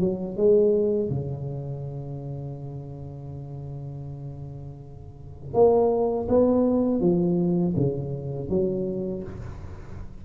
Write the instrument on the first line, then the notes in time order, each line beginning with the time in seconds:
tuba
0.00 F#3
0.37 G#3
1.10 C#3
5.54 A#3
6.29 B3
7.01 F3
7.77 C#3
8.49 F#3